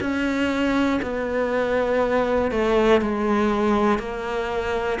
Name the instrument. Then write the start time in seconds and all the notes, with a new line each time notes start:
cello
0.00 C#4
1.01 B3
2.51 A3
3.00 G#3
3.99 A#3